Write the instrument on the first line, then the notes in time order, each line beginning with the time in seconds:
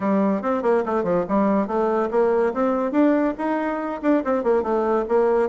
bassoon
0.00 G3
0.41 C4
0.62 A#3
0.85 A3
1.03 F3
1.28 G3
1.67 A3
2.10 A#3
2.53 C4
2.91 D4
3.37 D#4
4.02 D4
4.24 C4
4.43 A#3
4.62 A3
5.08 A#3